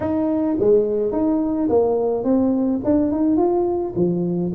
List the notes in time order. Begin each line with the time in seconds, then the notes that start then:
0.00 D#4
0.59 G#3
1.12 D#4
1.69 A#3
2.24 C4
2.84 D4
3.11 D#4
3.37 F4
3.95 F3